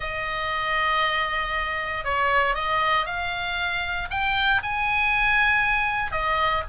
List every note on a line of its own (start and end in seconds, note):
0.00 2.04 D#5
2.04 2.54 C#5
2.54 3.06 D#5
3.06 4.08 F5
4.10 4.61 G5
4.62 6.11 G#5
6.11 6.63 D#5